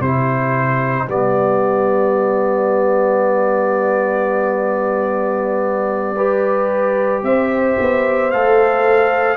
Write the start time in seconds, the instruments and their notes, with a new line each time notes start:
0.00 tuba C3, trombone E4, horn G4, trumpet C5
1.07 tuba G3, trombone B3, trumpet D5
6.16 trombone G4, horn B4
7.23 tuba C4, horn C5, trumpet E5
7.79 tuba B3
8.31 tuba A3, trombone A4, trumpet F5